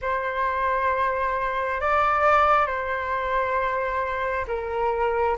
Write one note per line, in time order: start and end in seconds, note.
0.01 1.80 C5
1.80 2.66 D5
2.66 4.45 C5
4.47 5.36 A#4